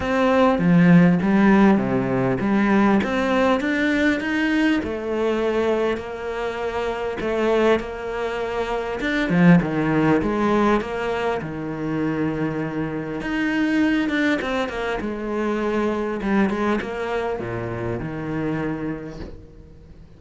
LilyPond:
\new Staff \with { instrumentName = "cello" } { \time 4/4 \tempo 4 = 100 c'4 f4 g4 c4 | g4 c'4 d'4 dis'4 | a2 ais2 | a4 ais2 d'8 f8 |
dis4 gis4 ais4 dis4~ | dis2 dis'4. d'8 | c'8 ais8 gis2 g8 gis8 | ais4 ais,4 dis2 | }